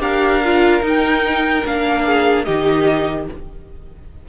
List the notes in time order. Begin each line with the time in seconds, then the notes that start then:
0.00 D4 G4 A#4 F5
0.44 F4
0.82 D#4
0.88 G5
1.65 A#3 D4 F5
2.06 G#4
2.44 D#3 D#4 G4 D#5